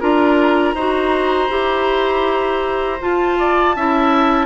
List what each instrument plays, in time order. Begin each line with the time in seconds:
0.00 bassoon D4, clarinet F4, oboe A#4, flute A#5
0.74 bassoon D#4, clarinet F#4, oboe C5
1.49 bassoon E4, clarinet G4
3.00 clarinet F4, bassoon F4, flute A5
3.39 oboe D5
3.76 bassoon C#4, clarinet E4, oboe E5